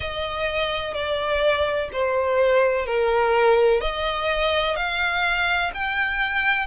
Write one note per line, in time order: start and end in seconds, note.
0.00 0.94 D#5
0.94 1.89 D5
1.92 2.86 C5
2.86 3.81 A#4
3.81 4.76 D#5
4.76 5.71 F5
5.74 6.67 G5